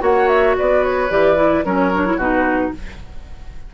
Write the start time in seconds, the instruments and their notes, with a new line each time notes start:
0.00 bassoon A#3, clarinet F#4, oboe C#5, flute F#5
0.28 flute E5
0.58 bassoon B3, oboe B4, flute D5
0.84 flute C#5
1.10 bassoon E3, clarinet G4, flute D5
1.36 clarinet E4
1.65 bassoon F#3, clarinet C#4, oboe A#4, flute C#5
1.94 clarinet D4
2.07 clarinet E4
2.17 bassoon B2, clarinet D#4, oboe F#4, flute B4